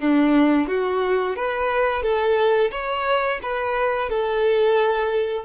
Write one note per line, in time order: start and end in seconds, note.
0.00 0.68 D4
0.68 1.36 F#4
1.36 2.03 B4
2.03 2.71 A4
2.71 3.40 C#5
3.42 4.10 B4
4.10 5.45 A4